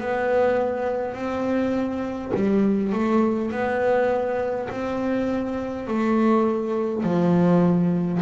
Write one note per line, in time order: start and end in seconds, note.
0.00 1.14 B3
1.14 2.32 C4
2.35 2.93 G3
2.93 3.51 A3
3.51 4.69 B3
4.70 5.88 C4
5.88 7.04 A3
7.04 8.21 F3